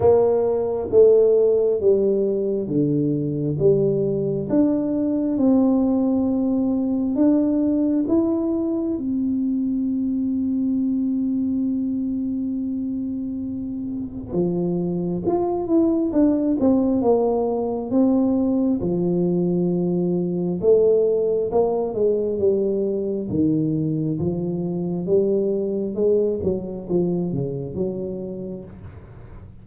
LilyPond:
\new Staff \with { instrumentName = "tuba" } { \time 4/4 \tempo 4 = 67 ais4 a4 g4 d4 | g4 d'4 c'2 | d'4 e'4 c'2~ | c'1 |
f4 f'8 e'8 d'8 c'8 ais4 | c'4 f2 a4 | ais8 gis8 g4 dis4 f4 | g4 gis8 fis8 f8 cis8 fis4 | }